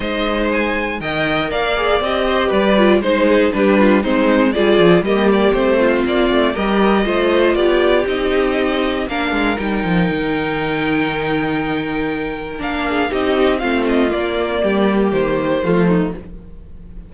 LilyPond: <<
  \new Staff \with { instrumentName = "violin" } { \time 4/4 \tempo 4 = 119 dis''4 gis''4 g''4 f''4 | dis''4 d''4 c''4 b'4 | c''4 d''4 dis''8 d''8 c''4 | d''4 dis''2 d''4 |
dis''2 f''4 g''4~ | g''1~ | g''4 f''4 dis''4 f''8 dis''8 | d''2 c''2 | }
  \new Staff \with { instrumentName = "violin" } { \time 4/4 c''2 dis''4 d''4~ | d''8 c''8 b'4 c''8 gis'8 g'8 f'8 | dis'4 gis'4 g'4. f'8~ | f'4 ais'4 c''4 g'4~ |
g'2 ais'2~ | ais'1~ | ais'4. gis'8 g'4 f'4~ | f'4 g'2 f'8 dis'8 | }
  \new Staff \with { instrumentName = "viola" } { \time 4/4 dis'2 ais'4. gis'8 | g'4. f'8 dis'4 d'4 | c'4 f'4 ais4 c'4~ | c'4 g'4 f'2 |
dis'2 d'4 dis'4~ | dis'1~ | dis'4 d'4 dis'4 c'4 | ais2. a4 | }
  \new Staff \with { instrumentName = "cello" } { \time 4/4 gis2 dis4 ais4 | c'4 g4 gis4 g4 | gis4 g8 f8 g4 a4 | ais8 a8 g4 a4 b4 |
c'2 ais8 gis8 g8 f8 | dis1~ | dis4 ais4 c'4 a4 | ais4 g4 dis4 f4 | }
>>